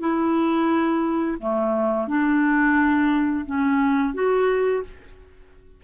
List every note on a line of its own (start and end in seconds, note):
0.00 1.38 E4
1.39 2.08 A3
2.08 3.45 D4
3.45 4.14 C#4
4.14 4.83 F#4